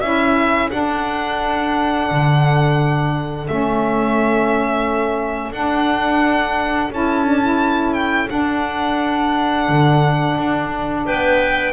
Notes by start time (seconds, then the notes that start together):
0.00 C#4 E4 A4 E5
0.70 D4 F#5
2.10 D3
3.47 A3 C#4 E5
5.52 D4 F#5
6.90 C#4 E4 A5
7.25 D4
7.41 E4
7.93 G5
8.27 D4 F#5
9.68 D3
10.37 D4
11.05 B3 B4 G5